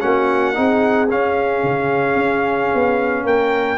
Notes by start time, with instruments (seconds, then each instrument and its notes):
0.00 tuba A#3, trombone C#4, horn F#4, trumpet F#5
0.54 tuba C4, trombone D#4, horn G#4
1.09 trombone C#4, tuba C#4, trumpet F5
1.63 tuba C#3
2.16 tuba C#4
2.74 tuba B3
3.24 tuba A#3, horn A#4, trumpet G5